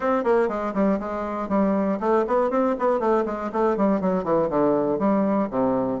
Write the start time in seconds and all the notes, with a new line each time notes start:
0.00 C4
0.24 A#3
0.48 G#3
0.74 G3
0.99 G#3
1.48 G3
2.00 A3
2.27 B3
2.50 C4
2.78 B3
2.99 A3
3.25 G#3
3.52 A3
3.76 G3
4.00 F#3
4.24 E3
4.49 D3
4.98 G3
5.50 C3